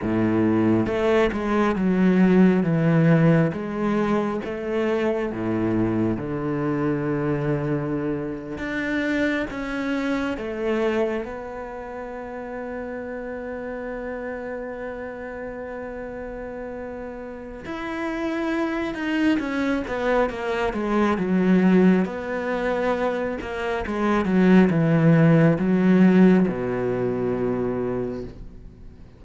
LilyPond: \new Staff \with { instrumentName = "cello" } { \time 4/4 \tempo 4 = 68 a,4 a8 gis8 fis4 e4 | gis4 a4 a,4 d4~ | d4.~ d16 d'4 cis'4 a16~ | a8. b2.~ b16~ |
b1 | e'4. dis'8 cis'8 b8 ais8 gis8 | fis4 b4. ais8 gis8 fis8 | e4 fis4 b,2 | }